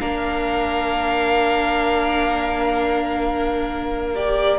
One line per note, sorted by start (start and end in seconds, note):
0.00 4.60 A#3
0.00 4.15 D4
0.00 4.60 A#4
0.00 4.16 F5
4.15 4.60 G4
4.15 4.60 D5